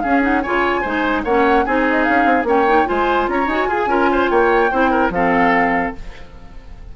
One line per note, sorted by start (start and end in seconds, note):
0.00 0.22 C#4
0.00 0.45 C#4
0.00 0.43 G#4
0.00 0.20 F5
0.22 0.42 D#4
0.22 0.41 F#5
0.41 0.85 C#3
0.41 0.85 F4
0.41 0.82 C#5
0.41 1.23 G#5
0.82 1.25 G#3
0.82 1.26 D#4
0.82 1.22 C5
1.24 1.65 A#3
1.24 1.67 C#4
1.24 1.65 C#5
1.24 1.65 F#5
1.65 2.08 C4
1.65 2.46 D#4
1.65 2.48 G#4
1.65 1.86 G#5
1.90 2.03 D#5
2.03 2.25 C#4
2.03 2.44 F5
2.25 2.44 C4
2.44 2.85 A#3
2.44 2.66 C#4
2.44 2.88 C#5
2.44 2.87 G5
2.67 2.86 D#4
2.86 3.28 G#3
2.86 3.47 F4
2.86 3.29 C5
2.86 3.28 G#5
3.28 3.47 C#4
3.28 3.69 C#5
3.28 3.49 A#5
3.47 3.67 D#4
3.47 3.70 F#4
3.47 4.30 G#5
3.68 3.87 F4
3.68 3.89 G#4
3.87 4.28 C#4
3.87 4.71 F4
3.87 4.10 A#4
4.12 4.31 C5
4.30 4.72 A#3
4.30 4.71 C#5
4.30 5.12 G5
4.71 5.10 C4
4.71 5.13 E4
4.71 4.91 C5
4.91 5.11 A#4
5.10 5.91 F3
5.10 5.96 C4
5.10 5.96 A4
5.10 5.94 F5